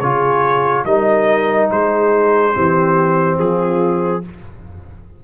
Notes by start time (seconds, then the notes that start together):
0.00 C#3 F4 G#4 C#5
0.85 G3 D#4 A#4 D#5
1.71 G#3 G#4 C5
2.53 E3 C4 G4
3.39 F3 F4 G#4